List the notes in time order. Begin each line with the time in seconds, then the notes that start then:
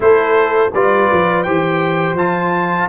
0.00 A3 E4 A4 C5
0.73 G3 F4 B4 D5
1.12 F3
1.43 E3 G4 C5 G5
2.13 F3 F4 A5